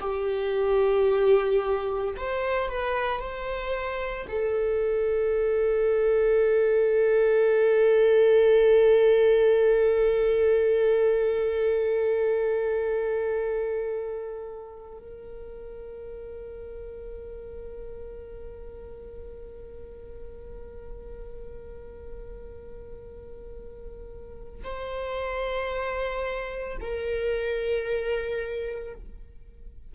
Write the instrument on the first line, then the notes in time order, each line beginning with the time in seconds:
viola
0.00 G4
2.17 C5
2.68 B4
3.19 C5
4.29 A4
14.99 A#4
24.64 C5
26.81 A#4